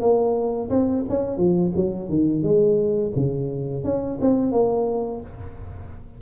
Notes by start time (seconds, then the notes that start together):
0.00 A#3
0.70 C4
1.08 C#4
1.37 F3
1.76 F#3
2.09 D#3
2.43 G#3
3.16 C#3
3.84 C#4
4.21 C4
4.51 A#3